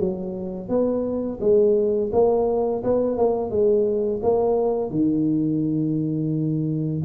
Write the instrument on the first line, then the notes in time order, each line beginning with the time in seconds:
tuba
0.00 F#3
0.69 B3
1.41 G#3
2.13 A#3
2.84 B3
3.18 A#3
3.50 G#3
4.23 A#3
4.91 D#3